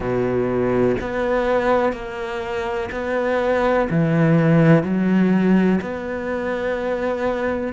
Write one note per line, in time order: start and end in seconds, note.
0.00 0.95 B2
1.00 1.92 B3
1.92 2.89 A#3
2.91 3.88 B3
3.89 4.83 E3
4.83 5.79 F#3
5.81 7.73 B3